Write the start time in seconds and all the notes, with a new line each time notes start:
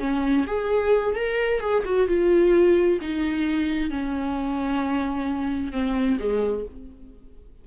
0.00 C#4
0.47 G#4
1.16 A#4
1.61 G#4
1.86 F#4
2.08 F4
3.02 D#4
3.91 C#4
5.73 C4
6.20 G#3